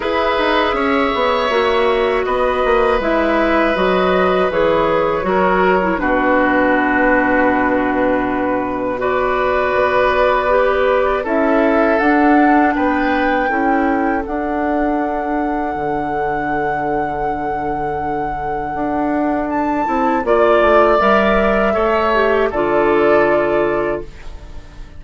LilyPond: <<
  \new Staff \with { instrumentName = "flute" } { \time 4/4 \tempo 4 = 80 e''2. dis''4 | e''4 dis''4 cis''2 | b'1 | d''2. e''4 |
fis''4 g''2 fis''4~ | fis''1~ | fis''2 a''4 d''4 | e''2 d''2 | }
  \new Staff \with { instrumentName = "oboe" } { \time 4/4 b'4 cis''2 b'4~ | b'2. ais'4 | fis'1 | b'2. a'4~ |
a'4 b'4 a'2~ | a'1~ | a'2. d''4~ | d''4 cis''4 a'2 | }
  \new Staff \with { instrumentName = "clarinet" } { \time 4/4 gis'2 fis'2 | e'4 fis'4 gis'4 fis'8. e'16 | d'1 | fis'2 g'4 e'4 |
d'2 e'4 d'4~ | d'1~ | d'2~ d'8 e'8 f'4 | ais'4 a'8 g'8 f'2 | }
  \new Staff \with { instrumentName = "bassoon" } { \time 4/4 e'8 dis'8 cis'8 b8 ais4 b8 ais8 | gis4 fis4 e4 fis4 | b,1~ | b,4 b2 cis'4 |
d'4 b4 cis'4 d'4~ | d'4 d2.~ | d4 d'4. c'8 ais8 a8 | g4 a4 d2 | }
>>